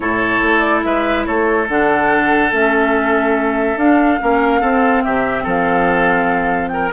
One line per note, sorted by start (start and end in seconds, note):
0.00 0.41 A2
0.00 1.67 E4
0.00 0.85 A4
0.00 0.59 C#5
0.42 0.84 A3
0.59 0.80 D5
0.83 1.26 G#3
0.83 1.26 B4
0.83 1.25 E5
1.25 1.68 A3
1.25 4.19 A4
1.25 1.67 C#5
1.68 2.51 D3
1.68 2.52 D4
1.68 2.52 F#5
2.51 3.76 A3
2.51 3.78 C#4
2.51 3.78 E5
3.76 4.18 D4
3.76 4.19 D4
3.76 5.03 F5
4.19 4.62 A#3
4.19 4.60 C#4
4.19 4.60 A#4
4.60 6.91 C4
4.60 5.04 C4
4.60 5.02 A4
5.03 5.45 C3
5.03 5.43 G4
5.03 5.45 E5
5.43 6.92 F3
5.43 6.69 A4
5.43 6.68 F5
6.68 6.92 A#4
6.68 6.89 G5